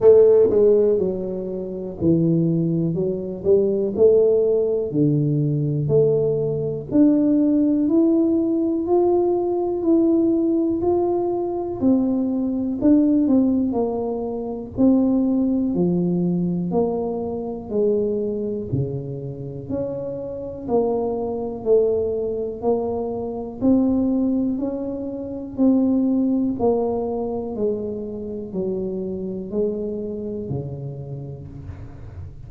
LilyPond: \new Staff \with { instrumentName = "tuba" } { \time 4/4 \tempo 4 = 61 a8 gis8 fis4 e4 fis8 g8 | a4 d4 a4 d'4 | e'4 f'4 e'4 f'4 | c'4 d'8 c'8 ais4 c'4 |
f4 ais4 gis4 cis4 | cis'4 ais4 a4 ais4 | c'4 cis'4 c'4 ais4 | gis4 fis4 gis4 cis4 | }